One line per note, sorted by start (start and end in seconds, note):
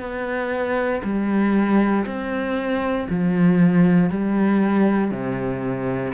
0.00 1.02 B3
1.04 2.06 G3
2.06 3.07 C4
3.10 4.10 F3
4.10 5.11 G3
5.11 6.13 C3